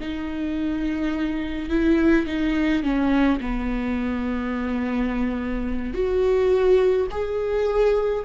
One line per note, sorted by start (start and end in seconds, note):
0.00 1.70 D#4
1.70 2.26 E4
2.26 2.83 D#4
2.83 3.40 C#4
3.41 5.94 B3
5.94 7.07 F#4
7.11 8.24 G#4